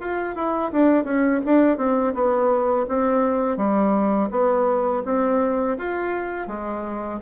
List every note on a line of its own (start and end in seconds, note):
0.00 0.35 F4
0.35 0.71 E4
0.71 1.04 D4
1.04 1.40 C#4
1.45 1.77 D4
1.77 2.13 C4
2.14 2.86 B3
2.88 3.57 C4
3.57 4.29 G3
4.30 5.03 B3
5.05 5.77 C4
5.77 6.47 F4
6.47 7.20 G#3